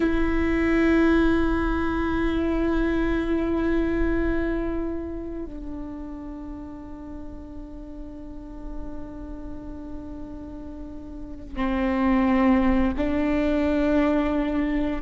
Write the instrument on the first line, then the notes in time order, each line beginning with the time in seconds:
viola
0.00 E4
5.45 D4
11.56 C4
12.97 D4